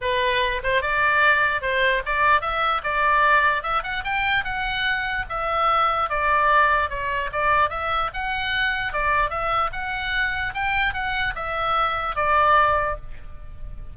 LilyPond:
\new Staff \with { instrumentName = "oboe" } { \time 4/4 \tempo 4 = 148 b'4. c''8 d''2 | c''4 d''4 e''4 d''4~ | d''4 e''8 fis''8 g''4 fis''4~ | fis''4 e''2 d''4~ |
d''4 cis''4 d''4 e''4 | fis''2 d''4 e''4 | fis''2 g''4 fis''4 | e''2 d''2 | }